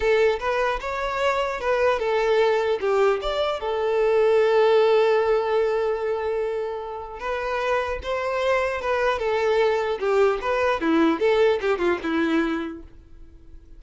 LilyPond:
\new Staff \with { instrumentName = "violin" } { \time 4/4 \tempo 4 = 150 a'4 b'4 cis''2 | b'4 a'2 g'4 | d''4 a'2.~ | a'1~ |
a'2 b'2 | c''2 b'4 a'4~ | a'4 g'4 b'4 e'4 | a'4 g'8 f'8 e'2 | }